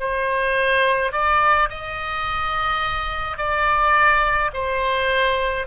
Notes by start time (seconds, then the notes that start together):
0.00 C5
1.13 D5
1.70 D#5
3.38 D5
4.54 C5